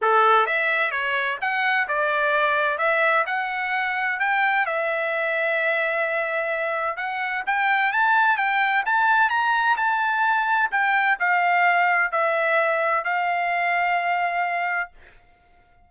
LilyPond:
\new Staff \with { instrumentName = "trumpet" } { \time 4/4 \tempo 4 = 129 a'4 e''4 cis''4 fis''4 | d''2 e''4 fis''4~ | fis''4 g''4 e''2~ | e''2. fis''4 |
g''4 a''4 g''4 a''4 | ais''4 a''2 g''4 | f''2 e''2 | f''1 | }